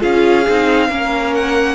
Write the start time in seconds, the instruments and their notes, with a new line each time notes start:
0.00 cello C#4, viola F4, violin G#4 F5
0.49 cello C4, viola D#4
0.89 cello A#3, viola C#4, violin A#4
1.35 violin F#5